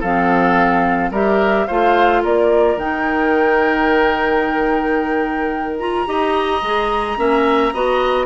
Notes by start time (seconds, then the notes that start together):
0.00 F3 C4 A4 F5
1.11 G3 G4 A#4 E5
1.67 A3 F4 C5 F5
2.23 A#3 A#4 D5
2.76 D#3 D#4 G5
5.79 F4 A#5
6.06 D#4 G4 D#5
6.62 G#3 G#4
7.17 A#3 C#4 E5
7.73 B3 F#4 D#5